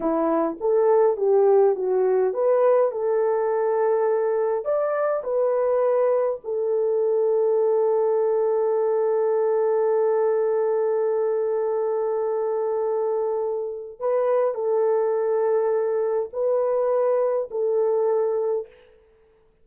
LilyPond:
\new Staff \with { instrumentName = "horn" } { \time 4/4 \tempo 4 = 103 e'4 a'4 g'4 fis'4 | b'4 a'2. | d''4 b'2 a'4~ | a'1~ |
a'1~ | a'1 | b'4 a'2. | b'2 a'2 | }